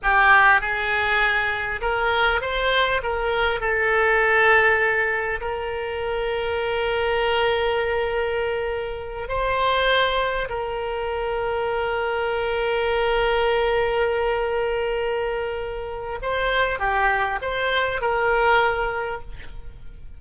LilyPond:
\new Staff \with { instrumentName = "oboe" } { \time 4/4 \tempo 4 = 100 g'4 gis'2 ais'4 | c''4 ais'4 a'2~ | a'4 ais'2.~ | ais'2.~ ais'8 c''8~ |
c''4. ais'2~ ais'8~ | ais'1~ | ais'2. c''4 | g'4 c''4 ais'2 | }